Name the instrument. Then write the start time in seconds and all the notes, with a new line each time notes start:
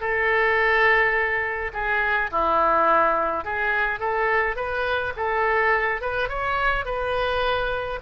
oboe
0.00 A4
1.73 G#4
2.31 E4
3.44 G#4
3.99 A4
4.56 B4
5.16 A4
6.01 B4
6.29 C#5
6.85 B4